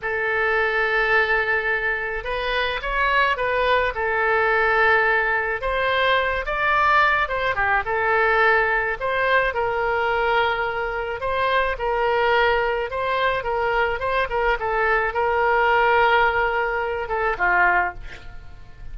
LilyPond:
\new Staff \with { instrumentName = "oboe" } { \time 4/4 \tempo 4 = 107 a'1 | b'4 cis''4 b'4 a'4~ | a'2 c''4. d''8~ | d''4 c''8 g'8 a'2 |
c''4 ais'2. | c''4 ais'2 c''4 | ais'4 c''8 ais'8 a'4 ais'4~ | ais'2~ ais'8 a'8 f'4 | }